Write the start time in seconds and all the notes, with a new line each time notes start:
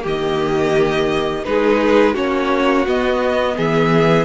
0.00 D#3 A#3 G4
0.07 D#5
1.45 G#3 D#4 G#4 B4
2.14 A#3 C#4 F#4 C#5
2.86 B3 D#5
3.56 E3 G#4 E5